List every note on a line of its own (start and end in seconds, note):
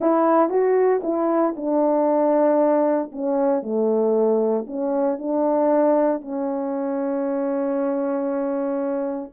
0.00 0.49 E4
0.49 1.01 F#4
1.03 1.54 E4
1.56 3.11 D4
3.12 3.62 C#4
3.62 4.65 A3
4.66 5.18 C#4
5.18 6.21 D4
6.21 9.31 C#4